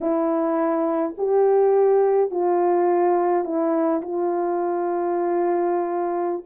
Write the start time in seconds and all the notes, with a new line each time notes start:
0.00 E4
1.17 G4
2.30 F4
3.44 E4
4.01 F4